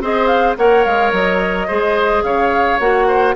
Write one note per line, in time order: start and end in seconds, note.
0.00 0.56 C4
0.00 0.57 G#4
0.00 0.57 C5
0.00 0.27 D#5
0.27 0.54 F5
0.58 0.85 A#3
0.58 1.68 A#4
0.58 1.67 C#5
0.58 0.84 F#5
0.84 1.12 G#3
0.84 1.12 F5
1.12 1.67 F#3
1.12 2.23 D#5
1.67 2.23 G#3
1.67 2.80 G#4
1.67 2.22 C5
2.23 2.79 C#3
2.23 3.07 C#5
2.23 2.79 F5
2.79 3.35 A#3
2.79 3.35 F#4
2.79 3.34 F#5
3.07 3.35 C5